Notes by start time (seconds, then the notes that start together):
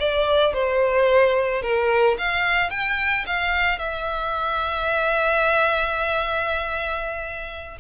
0.00 D5
0.54 C5
1.62 A#4
2.18 F5
2.70 G5
3.26 F5
3.79 E5